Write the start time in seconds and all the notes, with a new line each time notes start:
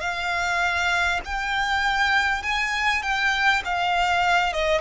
0.00 F5
1.24 G5
2.43 G#5
3.02 G5
3.65 F5
4.53 D#5